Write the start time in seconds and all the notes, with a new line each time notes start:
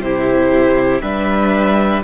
0.00 C3 E4 G4 C5
1.02 G3 D4 B4 E5